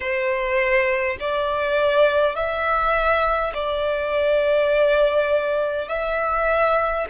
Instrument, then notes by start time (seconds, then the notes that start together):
violin
0.00 C5
1.20 D5
2.35 E5
3.53 D5
5.88 E5